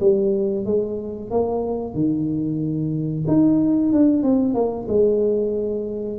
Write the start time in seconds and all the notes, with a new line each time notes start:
0.00 G3
0.65 G#3
1.30 A#3
1.94 D#3
3.27 D#4
3.92 D4
4.23 C4
4.54 A#3
4.88 G#3